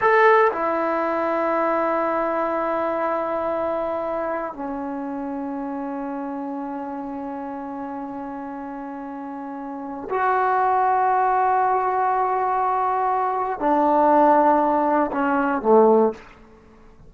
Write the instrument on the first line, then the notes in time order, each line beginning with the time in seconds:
trombone
0.01 A4
0.52 E4
4.53 C#4
10.09 F#4
13.59 D4
15.11 C#4
15.62 A3